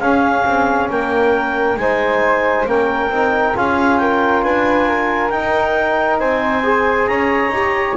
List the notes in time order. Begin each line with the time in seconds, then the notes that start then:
0.00 C#4 G#4 F5
0.46 C4
0.90 A#3 A#4 G5
1.77 G#3 D#4 C5 G#5
2.65 A#3 C#4 A#4 G5
3.10 C4 D#4
3.56 C#4 F4 G#4 F5
3.99 A#4 G5
4.43 D4 B4 G#5
4.88 A#4
5.30 D#4 G5
6.19 C4 C5 G#5
6.64 G#4
7.07 C#4 C#5 A#5
7.49 D#4 G4